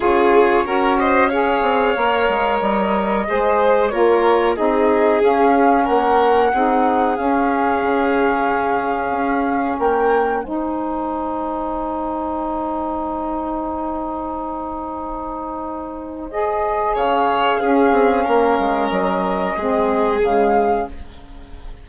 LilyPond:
<<
  \new Staff \with { instrumentName = "flute" } { \time 4/4 \tempo 4 = 92 cis''4. dis''8 f''2 | dis''2 cis''4 dis''4 | f''4 fis''2 f''4~ | f''2. g''4 |
gis''1~ | gis''1~ | gis''4 dis''4 f''2~ | f''4 dis''2 f''4 | }
  \new Staff \with { instrumentName = "violin" } { \time 4/4 gis'4 ais'8 c''8 cis''2~ | cis''4 c''4 ais'4 gis'4~ | gis'4 ais'4 gis'2~ | gis'2. ais'4 |
c''1~ | c''1~ | c''2 cis''4 gis'4 | ais'2 gis'2 | }
  \new Staff \with { instrumentName = "saxophone" } { \time 4/4 f'4 fis'4 gis'4 ais'4~ | ais'4 gis'4 f'4 dis'4 | cis'2 dis'4 cis'4~ | cis'1 |
dis'1~ | dis'1~ | dis'4 gis'2 cis'4~ | cis'2 c'4 gis4 | }
  \new Staff \with { instrumentName = "bassoon" } { \time 4/4 cis4 cis'4. c'8 ais8 gis8 | g4 gis4 ais4 c'4 | cis'4 ais4 c'4 cis'4 | cis2 cis'4 ais4 |
gis1~ | gis1~ | gis2 cis4 cis'8 c'8 | ais8 gis8 fis4 gis4 cis4 | }
>>